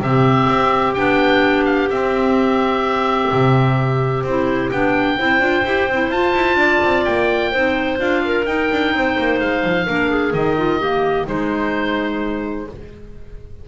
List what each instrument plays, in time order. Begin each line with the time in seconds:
0.00 double bass C3, clarinet C4 G4, oboe E5
0.50 double bass C4
0.94 double bass B3, clarinet D4, oboe G5
1.65 oboe F5
1.90 clarinet C4, double bass C4, oboe E5
3.32 double bass C3
4.23 double bass C4, clarinet E4, oboe C5
4.71 double bass B3, clarinet D4, oboe G5
5.18 double bass C4, clarinet E4 C5
5.39 double bass D4, clarinet F4
5.65 double bass E4, clarinet G4
5.88 double bass C4, clarinet E4
6.09 double bass F4, clarinet F4, oboe A5
6.34 double bass E4
6.55 double bass D4, clarinet D5
6.83 double bass C4
7.05 double bass A#3, oboe G5
7.51 double bass C4, clarinet D#4 C5
7.98 double bass D4, clarinet F4, oboe F5
8.25 clarinet A#4
8.46 double bass D#4, clarinet D#4, oboe G5
8.71 double bass D4
8.93 double bass C4, clarinet C5
9.18 double bass A#3
9.40 double bass G#3, oboe F5
9.64 double bass F3
9.86 double bass A#3, clarinet D4 A#4
10.10 clarinet G#4
10.33 double bass D#3, clarinet D#4, oboe D#5
10.57 clarinet F4
10.79 clarinet A#3 G4
11.26 clarinet G#3 D#4, double bass G#3, oboe C5